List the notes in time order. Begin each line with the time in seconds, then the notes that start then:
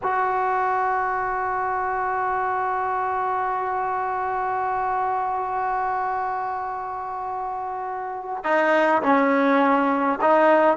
0.02 F#4
8.43 D#4
9.02 C#4
10.21 D#4